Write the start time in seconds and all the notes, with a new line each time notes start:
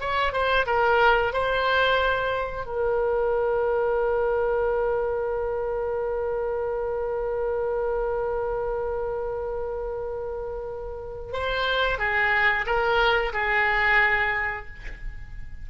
0.00 C#5
0.32 C5
0.66 A#4
1.33 C5
2.66 A#4
11.32 C5
11.98 G#4
12.66 A#4
13.33 G#4